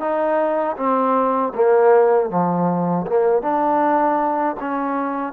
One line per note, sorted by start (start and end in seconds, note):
0.00 0.76 D#4
0.77 1.53 C4
1.55 2.30 A#3
2.30 3.06 F3
3.07 3.42 A#3
3.42 4.56 D4
4.60 5.33 C#4